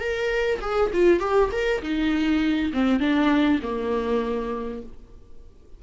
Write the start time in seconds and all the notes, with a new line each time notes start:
0.00 A#4
0.61 G#4
0.94 F4
1.20 G4
1.52 A#4
1.82 D#4
2.73 C4
3.00 D4
3.63 A#3